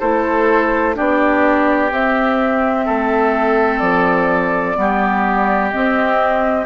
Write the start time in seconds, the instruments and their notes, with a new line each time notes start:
0.00 bassoon A3, clarinet E4, oboe A4, flute C5
0.95 bassoon B3, clarinet D4, oboe G4, flute D5
1.92 bassoon C4, clarinet C4, flute E5
2.86 bassoon A3, oboe A4
3.79 bassoon F3, flute D5
4.76 bassoon G3, clarinet B3, oboe G4
5.71 clarinet C4, bassoon C4, flute D#5